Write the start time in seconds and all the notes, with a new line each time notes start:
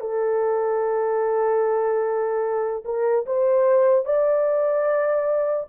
0.00 A4
2.85 A#4
3.26 C5
4.05 D5